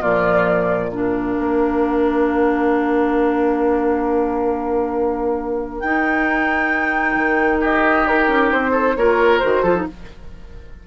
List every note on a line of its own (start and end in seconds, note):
0.00 1.35 A#2
0.00 0.91 F3
0.00 0.89 F4
0.00 0.90 D5
0.89 5.83 D4
0.89 7.60 A#4
0.89 5.80 F5
1.38 5.82 A#3
5.80 7.15 D#4
5.80 8.97 D#4
5.80 7.59 G5
7.15 8.05 D#3
7.60 8.71 G4
7.60 8.07 D#5
8.06 8.28 D#4
8.06 8.52 A#4
8.28 8.50 C#4
8.52 8.96 C4
8.52 8.96 C5
8.71 8.93 A4
8.96 9.40 A#3
8.96 9.42 F4
8.96 9.62 A#4
8.96 9.38 C#5
9.38 9.63 D#3
9.38 9.64 F#4
9.38 9.83 C5
9.62 9.85 F3
9.62 9.75 F4
9.62 9.84 A4
9.75 9.87 D#4